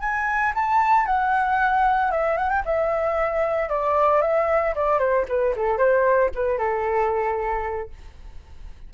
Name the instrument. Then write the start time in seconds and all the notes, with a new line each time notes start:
flute
0.00 G#5
0.55 A5
1.06 F#5
2.11 E5
2.37 F#5
2.50 G5
2.65 E5
3.69 D5
4.22 E5
4.75 D5
4.99 C5
5.29 B4
5.56 A4
5.78 C5
6.35 B4
6.58 A4